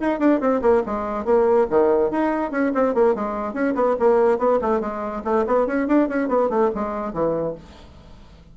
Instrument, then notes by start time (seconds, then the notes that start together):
bassoon
0.00 D#4
0.19 D4
0.40 C4
0.62 A#3
0.86 G#3
1.25 A#3
1.70 D#3
2.11 D#4
2.51 C#4
2.75 C4
2.94 A#3
3.15 G#3
3.54 C#4
3.75 B3
4.00 A#3
4.38 B3
4.62 A3
4.81 G#3
5.24 A3
5.47 B3
5.67 C#4
5.88 D4
6.09 C#4
6.29 B3
6.50 A3
6.75 G#3
7.13 E3